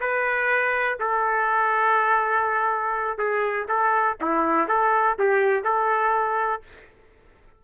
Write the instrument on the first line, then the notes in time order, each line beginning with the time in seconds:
trumpet
0.00 B4
0.99 A4
3.18 G#4
3.68 A4
4.21 E4
4.68 A4
5.19 G4
5.64 A4